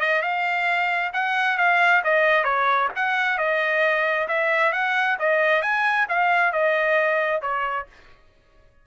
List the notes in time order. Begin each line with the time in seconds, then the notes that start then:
0.00 D#5
0.21 F5
1.13 F#5
1.57 F5
2.04 D#5
2.44 C#5
2.95 F#5
3.38 D#5
4.28 E5
4.72 F#5
5.19 D#5
5.62 G#5
6.08 F5
6.52 D#5
7.41 C#5